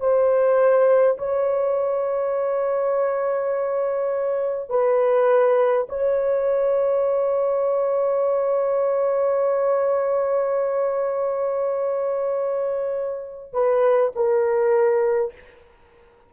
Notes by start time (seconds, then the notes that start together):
0.00 C5
1.18 C#5
4.70 B4
5.89 C#5
13.53 B4
14.16 A#4